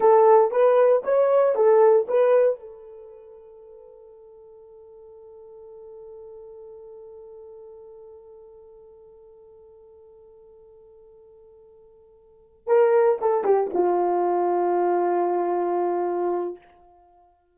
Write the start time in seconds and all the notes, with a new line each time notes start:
0.00 A4
0.51 B4
1.03 C#5
1.55 A4
2.08 B4
2.59 A4
12.67 A#4
13.21 A4
13.44 G4
13.73 F4